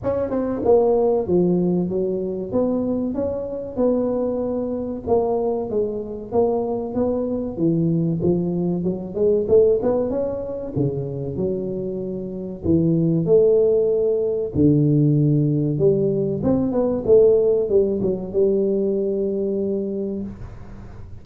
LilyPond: \new Staff \with { instrumentName = "tuba" } { \time 4/4 \tempo 4 = 95 cis'8 c'8 ais4 f4 fis4 | b4 cis'4 b2 | ais4 gis4 ais4 b4 | e4 f4 fis8 gis8 a8 b8 |
cis'4 cis4 fis2 | e4 a2 d4~ | d4 g4 c'8 b8 a4 | g8 fis8 g2. | }